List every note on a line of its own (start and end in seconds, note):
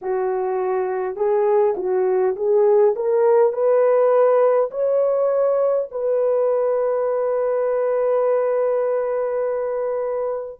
0.01 1.16 F#4
1.16 1.74 G#4
1.76 2.35 F#4
2.35 2.94 G#4
2.95 3.52 A#4
3.52 4.70 B4
4.71 5.88 C#5
5.91 10.59 B4